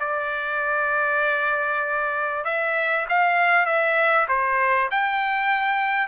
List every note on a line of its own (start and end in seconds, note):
0.00 2.45 D5
2.45 3.06 E5
3.09 3.66 F5
3.66 4.27 E5
4.28 4.90 C5
4.91 6.08 G5